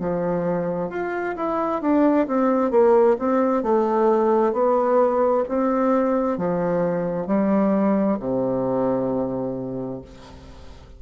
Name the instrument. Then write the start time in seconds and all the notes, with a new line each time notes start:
bassoon
0.00 F3
0.90 F4
1.36 E4
1.82 D4
2.28 C4
2.71 A#3
3.19 C4
3.63 A3
4.53 B3
5.49 C4
6.38 F3
7.27 G3
8.20 C3